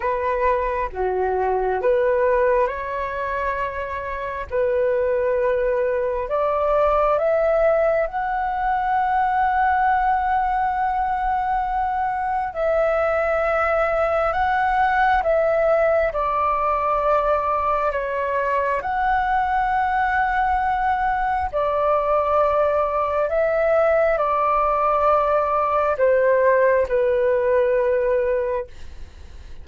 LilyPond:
\new Staff \with { instrumentName = "flute" } { \time 4/4 \tempo 4 = 67 b'4 fis'4 b'4 cis''4~ | cis''4 b'2 d''4 | e''4 fis''2.~ | fis''2 e''2 |
fis''4 e''4 d''2 | cis''4 fis''2. | d''2 e''4 d''4~ | d''4 c''4 b'2 | }